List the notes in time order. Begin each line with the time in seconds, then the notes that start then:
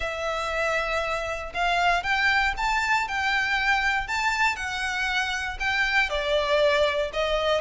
0.00 E5
1.54 F5
2.03 G5
2.57 A5
3.08 G5
4.07 A5
4.56 F#5
5.59 G5
6.09 D5
7.13 D#5